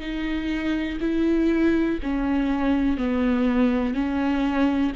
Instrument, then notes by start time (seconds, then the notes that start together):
viola
0.00 D#4
1.01 E4
2.03 C#4
2.98 B3
3.95 C#4